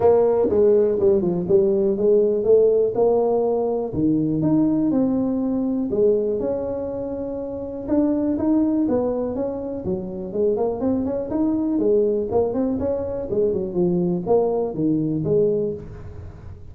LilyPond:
\new Staff \with { instrumentName = "tuba" } { \time 4/4 \tempo 4 = 122 ais4 gis4 g8 f8 g4 | gis4 a4 ais2 | dis4 dis'4 c'2 | gis4 cis'2. |
d'4 dis'4 b4 cis'4 | fis4 gis8 ais8 c'8 cis'8 dis'4 | gis4 ais8 c'8 cis'4 gis8 fis8 | f4 ais4 dis4 gis4 | }